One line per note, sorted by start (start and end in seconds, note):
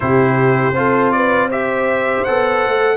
0.00 0.70 C3
0.00 0.73 E4
0.00 0.77 G4
0.00 1.11 C5
0.70 2.20 C4
0.70 1.50 F4
0.77 1.14 A4
1.11 1.47 B4
1.11 1.49 D5
1.47 2.26 G4
1.47 2.96 C5
1.47 2.24 E5
2.24 2.66 B3
2.24 2.96 A4
2.24 2.96 F#5
2.66 2.96 A3